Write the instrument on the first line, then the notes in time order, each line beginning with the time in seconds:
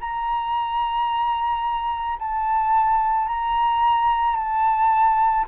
flute
0.00 A#5
2.19 A5
3.27 A#5
4.36 A5